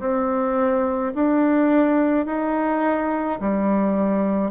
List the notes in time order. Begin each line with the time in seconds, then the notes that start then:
0.00 C4
1.15 D4
2.26 D#4
3.41 G3